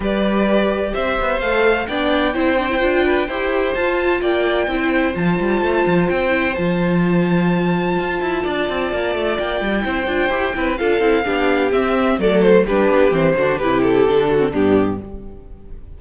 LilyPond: <<
  \new Staff \with { instrumentName = "violin" } { \time 4/4 \tempo 4 = 128 d''2 e''4 f''4 | g''1 | a''4 g''2 a''4~ | a''4 g''4 a''2~ |
a''1 | g''2. f''4~ | f''4 e''4 d''8 c''8 b'4 | c''4 b'8 a'4. g'4 | }
  \new Staff \with { instrumentName = "violin" } { \time 4/4 b'2 c''2 | d''4 c''4. b'8 c''4~ | c''4 d''4 c''2~ | c''1~ |
c''2 d''2~ | d''4 c''4. b'8 a'4 | g'2 a'4 g'4~ | g'8 fis'8 g'4. fis'8 d'4 | }
  \new Staff \with { instrumentName = "viola" } { \time 4/4 g'2. a'4 | d'4 e'8 d'16 e'16 f'4 g'4 | f'2 e'4 f'4~ | f'4. e'8 f'2~ |
f'1~ | f'4 e'8 f'8 g'8 e'8 f'8 e'8 | d'4 c'4 a4 d'4 | c'8 d'8 e'4 d'8. c'16 b4 | }
  \new Staff \with { instrumentName = "cello" } { \time 4/4 g2 c'8 b8 a4 | b4 c'4 d'4 e'4 | f'4 ais4 c'4 f8 g8 | a8 f8 c'4 f2~ |
f4 f'8 e'8 d'8 c'8 ais8 a8 | ais8 g8 c'8 d'8 e'8 c'8 d'8 c'8 | b4 c'4 fis4 g8 b8 | e8 d8 c4 d4 g,4 | }
>>